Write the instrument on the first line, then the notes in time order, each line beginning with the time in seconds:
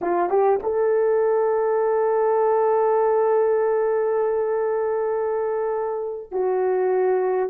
horn
0.01 F4
0.29 G4
0.62 A4
6.31 F#4